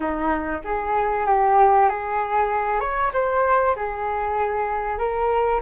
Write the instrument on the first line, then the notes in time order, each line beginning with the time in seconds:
flute
0.00 D#4
0.64 G#4
1.26 G4
1.89 G#4
2.80 C#5
3.12 C5
3.76 G#4
4.98 A#4